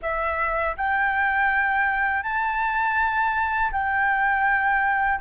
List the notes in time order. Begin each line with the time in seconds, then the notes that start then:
0.02 E5
0.76 G5
2.22 A5
3.71 G5